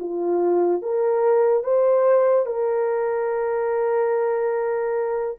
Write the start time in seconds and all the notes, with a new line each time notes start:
0.00 F4
0.82 A#4
1.64 C5
2.46 A#4